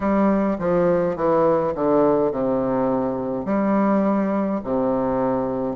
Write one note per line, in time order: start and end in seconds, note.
0.00 0.58 G3
0.58 1.15 F3
1.15 1.73 E3
1.74 2.31 D3
2.31 3.45 C3
3.45 4.60 G3
4.64 5.75 C3